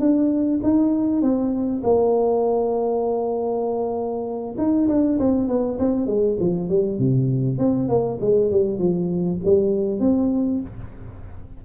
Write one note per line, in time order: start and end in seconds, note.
0.00 0.61 D4
0.63 1.22 D#4
1.22 1.83 C4
1.83 4.56 A#3
4.58 4.88 D#4
4.88 5.19 D4
5.19 5.48 C4
5.48 5.79 B3
5.79 6.07 C4
6.07 6.37 G#3
6.40 6.69 F3
6.69 6.99 G3
6.99 7.58 C3
7.58 7.89 C4
7.89 8.19 A#3
8.21 8.51 G#3
8.52 8.79 G3
8.79 9.40 F3
9.45 10.00 G3
10.00 10.61 C4